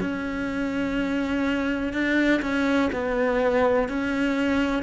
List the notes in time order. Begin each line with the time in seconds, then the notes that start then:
0.00 C#4
1.93 D4
2.41 C#4
2.93 B3
3.89 C#4